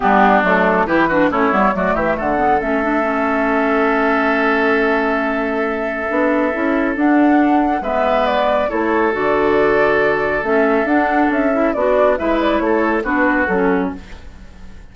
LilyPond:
<<
  \new Staff \with { instrumentName = "flute" } { \time 4/4 \tempo 4 = 138 g'4 a'4 b'4 cis''4 | d''8 e''8 fis''4 e''2~ | e''1~ | e''1 |
fis''2 e''4 d''4 | cis''4 d''2. | e''4 fis''4 e''4 d''4 | e''8 d''8 cis''4 b'4 a'4 | }
  \new Staff \with { instrumentName = "oboe" } { \time 4/4 d'2 g'8 fis'8 e'4 | fis'8 g'8 a'2.~ | a'1~ | a'1~ |
a'2 b'2 | a'1~ | a'2. d'4 | b'4 a'4 fis'2 | }
  \new Staff \with { instrumentName = "clarinet" } { \time 4/4 b4 a4 e'8 d'8 cis'8 b8 | a4. b8 cis'8 d'8 cis'4~ | cis'1~ | cis'2 d'4 e'4 |
d'2 b2 | e'4 fis'2. | cis'4 d'4. e'8 fis'4 | e'2 d'4 cis'4 | }
  \new Staff \with { instrumentName = "bassoon" } { \time 4/4 g4 fis4 e4 a8 g8 | fis8 e8 d4 a2~ | a1~ | a2 b4 cis'4 |
d'2 gis2 | a4 d2. | a4 d'4 cis'4 b4 | gis4 a4 b4 fis4 | }
>>